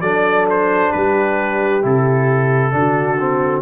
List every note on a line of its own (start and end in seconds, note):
0.00 0.91 F#3
0.00 1.82 D4
0.00 0.91 A4
0.00 0.46 D5
0.50 0.92 C5
0.91 1.84 G3
0.91 2.73 G4
0.91 1.83 B4
1.82 2.73 C3
1.82 2.72 E4
1.82 3.62 A4
2.72 3.62 D3
2.72 3.17 D4
2.72 3.62 F#4
3.20 3.62 C4